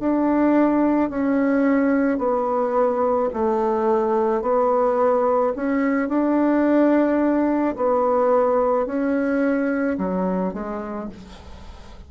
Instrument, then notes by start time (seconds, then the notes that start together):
bassoon
0.00 D4
1.10 C#4
2.18 B3
3.34 A3
4.42 B3
5.56 C#4
6.09 D4
7.76 B3
8.86 C#4
9.98 F#3
10.54 G#3